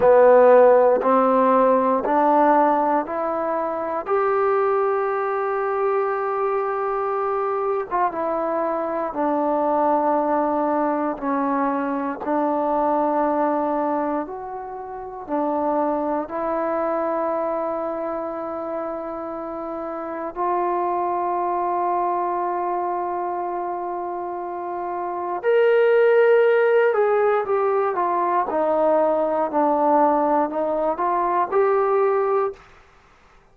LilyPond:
\new Staff \with { instrumentName = "trombone" } { \time 4/4 \tempo 4 = 59 b4 c'4 d'4 e'4 | g'2.~ g'8. f'16 | e'4 d'2 cis'4 | d'2 fis'4 d'4 |
e'1 | f'1~ | f'4 ais'4. gis'8 g'8 f'8 | dis'4 d'4 dis'8 f'8 g'4 | }